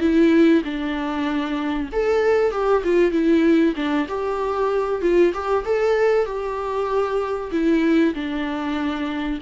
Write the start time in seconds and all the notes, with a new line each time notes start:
0.00 E4
0.65 D4
1.93 A4
2.52 G4
2.84 F4
3.12 E4
3.76 D4
4.09 G4
5.02 F4
5.34 G4
5.65 A4
6.26 G4
7.52 E4
8.14 D4